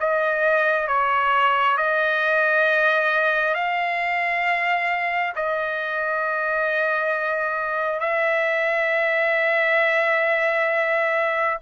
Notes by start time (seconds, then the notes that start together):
0.00 D#5
0.88 C#5
1.77 D#5
3.54 F5
5.35 D#5
8.00 E5